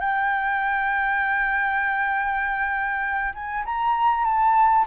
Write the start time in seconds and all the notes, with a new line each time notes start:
0.00 G5
3.34 G#5
3.65 A#5
4.25 A5